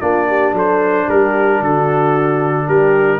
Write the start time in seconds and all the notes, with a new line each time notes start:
0.00 A#3 D4 F4 D5
0.28 G4
0.52 F#3 A4 C5
1.08 G3 G4 A#4
1.61 D3 F#4 A4
2.66 G3 G4 A#4